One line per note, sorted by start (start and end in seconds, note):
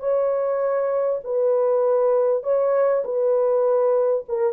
0.00 1.20 C#5
1.24 2.44 B4
2.44 3.04 C#5
3.05 4.25 B4
4.29 4.54 A#4